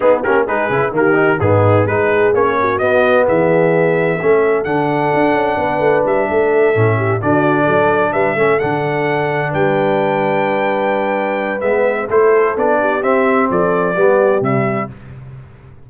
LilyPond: <<
  \new Staff \with { instrumentName = "trumpet" } { \time 4/4 \tempo 4 = 129 gis'8 ais'8 b'4 ais'4 gis'4 | b'4 cis''4 dis''4 e''4~ | e''2 fis''2~ | fis''4 e''2~ e''8 d''8~ |
d''4. e''4 fis''4.~ | fis''8 g''2.~ g''8~ | g''4 e''4 c''4 d''4 | e''4 d''2 e''4 | }
  \new Staff \with { instrumentName = "horn" } { \time 4/4 dis'8 g'8 gis'4 g'4 dis'4 | gis'4. fis'4. gis'4~ | gis'4 a'2. | b'4. a'4. g'8 fis'8~ |
fis'8 a'4 b'8 a'2~ | a'8 b'2.~ b'8~ | b'2 a'4. g'8~ | g'4 a'4 g'2 | }
  \new Staff \with { instrumentName = "trombone" } { \time 4/4 b8 cis'8 dis'8 e'8 ais8 dis'8 b4 | dis'4 cis'4 b2~ | b4 cis'4 d'2~ | d'2~ d'8 cis'4 d'8~ |
d'2 cis'8 d'4.~ | d'1~ | d'4 b4 e'4 d'4 | c'2 b4 g4 | }
  \new Staff \with { instrumentName = "tuba" } { \time 4/4 b8 ais8 gis8 cis8 dis4 gis,4 | gis4 ais4 b4 e4~ | e4 a4 d4 d'8 cis'8 | b8 a8 g8 a4 a,4 d8~ |
d8 fis4 g8 a8 d4.~ | d8 g2.~ g8~ | g4 gis4 a4 b4 | c'4 f4 g4 c4 | }
>>